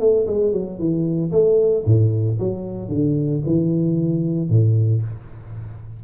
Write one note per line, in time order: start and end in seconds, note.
0.00 0.26 A3
0.27 0.53 G#3
0.53 0.79 F#3
0.79 1.32 E3
1.32 1.84 A3
1.86 2.38 A2
2.39 2.89 F#3
2.89 3.41 D3
3.46 4.50 E3
4.50 5.02 A2